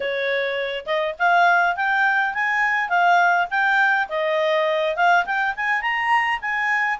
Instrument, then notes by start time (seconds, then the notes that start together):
clarinet
0.00 C#5
0.86 D#5
1.18 F5
1.76 G5
2.34 G#5
2.89 F5
3.50 G5
4.09 D#5
4.96 F5
5.25 G5
5.56 G#5
5.81 A#5
6.41 G#5